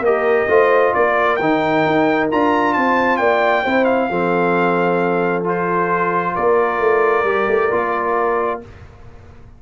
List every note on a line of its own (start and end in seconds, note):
0.00 0.45 A#3
0.00 0.49 G4
0.00 0.49 A#4
0.00 0.94 D#5
0.48 0.93 A3
0.48 1.39 F4
0.48 0.95 C5
0.94 1.40 A#3
0.94 2.77 A#4
0.94 1.36 D5
1.36 1.85 D#3
1.36 2.31 D#4
1.36 2.27 G5
1.86 2.32 D#4
2.31 2.76 D4
2.31 3.66 F4
2.31 2.73 A#5
2.73 3.19 C4
2.73 3.20 C5
2.73 3.17 A5
3.17 3.64 A#3
3.17 3.63 D5
3.17 3.85 G5
3.63 4.10 C4
3.63 4.10 E4
3.63 4.09 C5
3.85 5.43 F5
4.10 6.36 F3
4.10 5.44 C4
4.10 6.35 A4
5.44 7.25 F4
5.44 6.36 C5
6.35 6.80 A#3
6.35 8.60 A#4
6.35 8.61 D5
6.80 7.24 A3
7.24 7.46 G3
7.24 7.71 G4
7.48 7.70 A3
7.71 8.62 A#3
7.71 8.61 F4